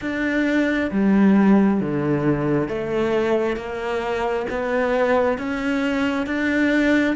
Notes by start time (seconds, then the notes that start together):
0.01 D4
0.91 G3
1.80 D3
2.68 A3
3.56 A#3
4.49 B3
5.37 C#4
6.26 D4